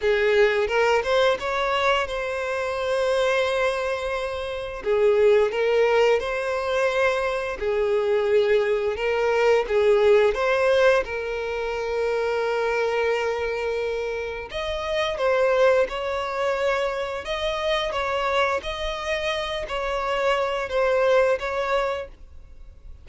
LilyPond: \new Staff \with { instrumentName = "violin" } { \time 4/4 \tempo 4 = 87 gis'4 ais'8 c''8 cis''4 c''4~ | c''2. gis'4 | ais'4 c''2 gis'4~ | gis'4 ais'4 gis'4 c''4 |
ais'1~ | ais'4 dis''4 c''4 cis''4~ | cis''4 dis''4 cis''4 dis''4~ | dis''8 cis''4. c''4 cis''4 | }